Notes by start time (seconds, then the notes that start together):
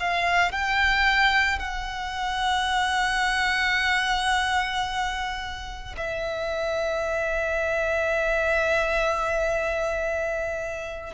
0.00 F5
0.52 G5
1.59 F#5
5.97 E5